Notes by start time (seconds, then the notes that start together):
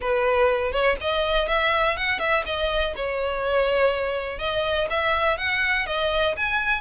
0.00 B4
0.71 C#5
1.00 D#5
1.48 E5
1.96 F#5
2.19 E5
2.45 D#5
2.96 C#5
4.39 D#5
4.90 E5
5.37 F#5
5.86 D#5
6.36 G#5